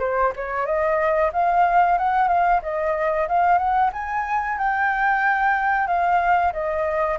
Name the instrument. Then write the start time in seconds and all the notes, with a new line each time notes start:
flute
0.00 C5
0.36 C#5
0.66 D#5
1.33 F5
1.98 F#5
2.28 F5
2.63 D#5
3.29 F5
3.58 F#5
3.93 G#5
4.58 G5
5.87 F5
6.53 D#5